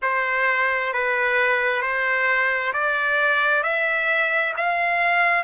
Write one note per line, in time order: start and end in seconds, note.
0.02 0.93 C5
0.93 1.81 B4
1.81 2.72 C5
2.73 3.63 D5
3.63 4.54 E5
4.57 5.43 F5